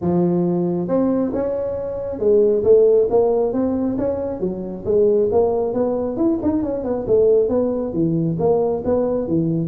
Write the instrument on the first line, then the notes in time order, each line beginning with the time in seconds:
tuba
0.01 F3
0.87 C4
1.33 C#4
2.19 G#3
2.63 A3
3.09 A#3
3.52 C4
3.98 C#4
4.40 F#3
4.85 G#3
5.31 A#3
5.73 B3
6.16 E4
6.42 D#4
6.62 C#4
6.83 B3
7.07 A3
7.49 B3
7.93 E3
8.39 A#3
8.85 B3
9.27 E3